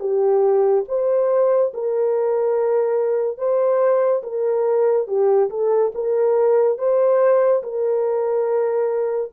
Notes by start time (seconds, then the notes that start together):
0.00 G4
0.89 C5
1.74 A#4
3.38 C5
4.23 A#4
5.07 G4
5.50 A4
5.95 A#4
6.78 C5
7.63 A#4